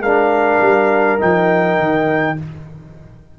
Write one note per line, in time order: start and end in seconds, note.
0.00 0.59 G#3
0.00 1.19 D4
0.00 2.37 A#4
0.00 1.20 F5
0.61 1.20 G3
1.19 1.78 F3
1.19 2.36 D#4
1.19 2.39 G5
1.78 2.37 D#3